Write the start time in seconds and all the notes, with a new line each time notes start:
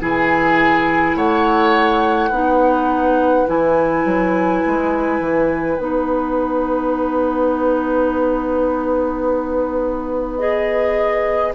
0.00 E3 E4 G#4 G#5
1.15 A3 C#5 F#5
2.29 B3 D#4 B4
3.47 E3 E4 G#5
4.05 F#3
4.66 G#3
5.20 E3
5.78 B3 D#4 F#5
10.37 G#4 D#5